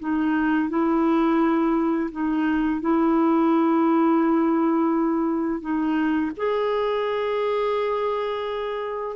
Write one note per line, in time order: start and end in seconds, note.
0.00 0.69 D#4
0.69 2.10 E4
2.11 2.81 D#4
2.81 5.61 E4
5.61 6.32 D#4
6.37 9.17 G#4